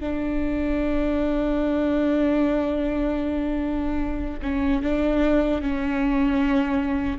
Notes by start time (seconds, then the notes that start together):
0.00 D4
4.42 C#4
4.82 D4
5.61 C#4